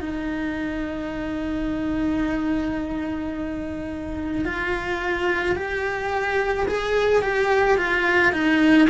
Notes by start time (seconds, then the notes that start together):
0.00 D#4
4.44 F4
5.56 G4
6.68 G#4
7.22 G4
7.77 F4
8.32 D#4